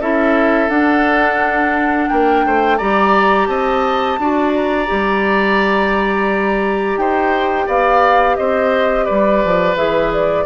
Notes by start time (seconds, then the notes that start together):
0.00 C#4 E4 A4 E5
0.69 D4 F#5
2.09 A#3 A#4 G5
2.45 A3 C5
2.78 G3 G4 D5 A#5
3.47 C4 D#5 A5
4.19 D4 F#4 D5
4.56 A#5
4.86 G3 G4
6.97 D#4 C5 G5
7.66 B3 D5 F5
8.36 C4 C5 D#5
9.05 G3 B4 D5
9.45 F3
9.76 E3 G#4 E5
10.13 D5